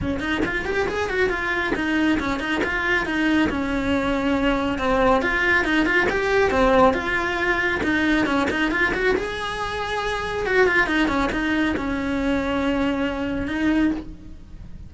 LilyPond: \new Staff \with { instrumentName = "cello" } { \time 4/4 \tempo 4 = 138 cis'8 dis'8 f'8 g'8 gis'8 fis'8 f'4 | dis'4 cis'8 dis'8 f'4 dis'4 | cis'2. c'4 | f'4 dis'8 f'8 g'4 c'4 |
f'2 dis'4 cis'8 dis'8 | f'8 fis'8 gis'2. | fis'8 f'8 dis'8 cis'8 dis'4 cis'4~ | cis'2. dis'4 | }